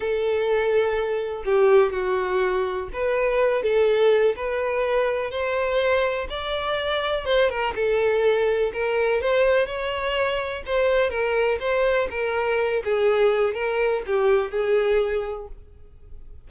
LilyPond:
\new Staff \with { instrumentName = "violin" } { \time 4/4 \tempo 4 = 124 a'2. g'4 | fis'2 b'4. a'8~ | a'4 b'2 c''4~ | c''4 d''2 c''8 ais'8 |
a'2 ais'4 c''4 | cis''2 c''4 ais'4 | c''4 ais'4. gis'4. | ais'4 g'4 gis'2 | }